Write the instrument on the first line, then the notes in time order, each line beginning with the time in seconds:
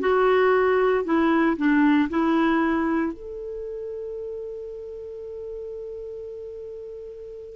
clarinet
0.00 F#4
1.04 E4
1.57 D4
2.10 E4
3.13 A4